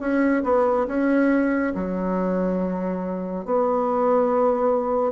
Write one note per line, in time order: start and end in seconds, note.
0.00 0.43 C#4
0.44 0.87 B3
0.88 1.73 C#4
1.75 3.46 F#3
3.46 5.12 B3